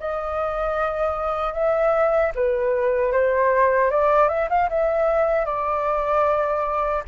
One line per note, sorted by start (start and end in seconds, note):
0.00 1.54 D#5
1.54 2.33 E5
2.35 3.13 B4
3.13 3.91 C5
3.91 4.29 D5
4.29 4.49 E5
4.50 4.69 F5
4.70 5.46 E5
5.46 7.04 D5